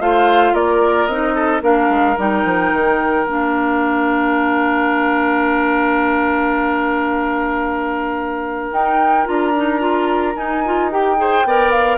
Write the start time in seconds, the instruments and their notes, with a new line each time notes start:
0.00 bassoon A3, clarinet F4, oboe C5, flute F5
0.53 bassoon A#3, oboe A#4, flute D5
1.06 bassoon C4, clarinet D#4, flute D#5
1.35 oboe A4
1.61 bassoon A#3, clarinet D4, oboe A#4, flute F5
1.89 bassoon G#3
2.17 bassoon G3, clarinet D#4, flute G5
2.44 bassoon F3
2.72 bassoon D#3
3.26 bassoon A#3, clarinet D4, flute F5
8.71 bassoon D#4, clarinet D#4, flute G5
9.25 bassoon D4, clarinet F4, flute A#5
9.57 clarinet D#4
9.79 clarinet F4
10.36 bassoon D#4, clarinet D#4, flute G#5
10.65 clarinet F4
10.91 clarinet G4, flute G5
11.17 clarinet G#4, oboe C5
11.44 bassoon B3, clarinet A#4, oboe D5
11.71 flute F5